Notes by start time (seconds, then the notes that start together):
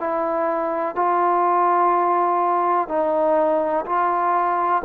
0.00 E4
0.95 F4
2.89 D#4
3.86 F4